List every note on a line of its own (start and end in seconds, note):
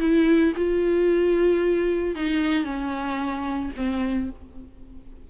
0.00 0.54 E4
0.57 2.16 F4
2.16 2.64 D#4
2.64 3.72 C#4
3.77 4.30 C4